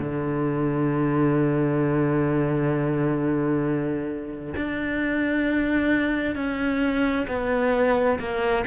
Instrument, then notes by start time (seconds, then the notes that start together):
cello
0.00 D3
4.57 D4
6.36 C#4
7.29 B3
8.20 A#3